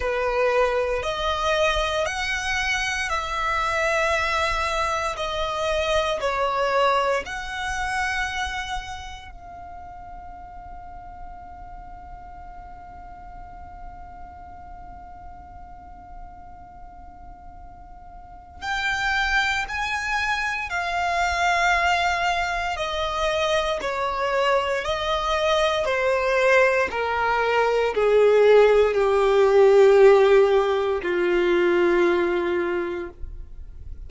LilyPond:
\new Staff \with { instrumentName = "violin" } { \time 4/4 \tempo 4 = 58 b'4 dis''4 fis''4 e''4~ | e''4 dis''4 cis''4 fis''4~ | fis''4 f''2.~ | f''1~ |
f''2 g''4 gis''4 | f''2 dis''4 cis''4 | dis''4 c''4 ais'4 gis'4 | g'2 f'2 | }